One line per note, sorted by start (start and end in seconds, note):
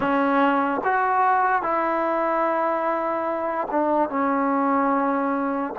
0.00 0.81 C#4
0.84 1.62 F#4
1.62 3.67 E4
3.70 4.09 D4
4.09 5.73 C#4